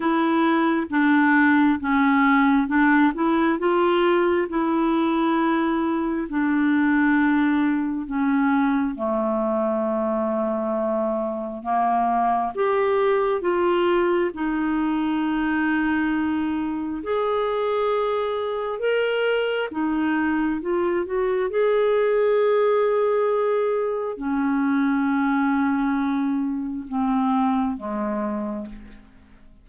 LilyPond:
\new Staff \with { instrumentName = "clarinet" } { \time 4/4 \tempo 4 = 67 e'4 d'4 cis'4 d'8 e'8 | f'4 e'2 d'4~ | d'4 cis'4 a2~ | a4 ais4 g'4 f'4 |
dis'2. gis'4~ | gis'4 ais'4 dis'4 f'8 fis'8 | gis'2. cis'4~ | cis'2 c'4 gis4 | }